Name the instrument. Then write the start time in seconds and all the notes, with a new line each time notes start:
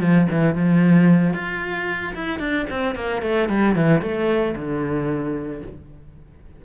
cello
0.00 F3
0.30 E3
0.54 F3
1.33 F4
2.14 E4
2.39 D4
2.70 C4
2.95 A#3
3.22 A3
3.48 G3
3.75 E3
4.01 A3
4.55 D3